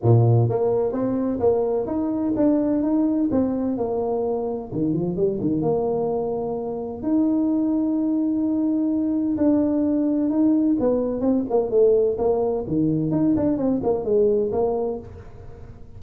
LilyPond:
\new Staff \with { instrumentName = "tuba" } { \time 4/4 \tempo 4 = 128 ais,4 ais4 c'4 ais4 | dis'4 d'4 dis'4 c'4 | ais2 dis8 f8 g8 dis8 | ais2. dis'4~ |
dis'1 | d'2 dis'4 b4 | c'8 ais8 a4 ais4 dis4 | dis'8 d'8 c'8 ais8 gis4 ais4 | }